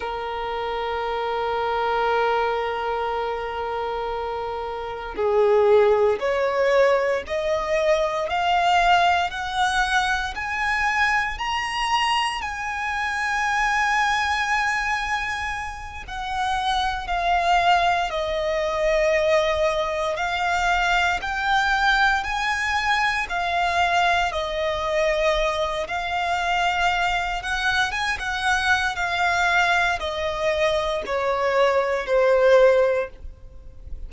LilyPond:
\new Staff \with { instrumentName = "violin" } { \time 4/4 \tempo 4 = 58 ais'1~ | ais'4 gis'4 cis''4 dis''4 | f''4 fis''4 gis''4 ais''4 | gis''2.~ gis''8 fis''8~ |
fis''8 f''4 dis''2 f''8~ | f''8 g''4 gis''4 f''4 dis''8~ | dis''4 f''4. fis''8 gis''16 fis''8. | f''4 dis''4 cis''4 c''4 | }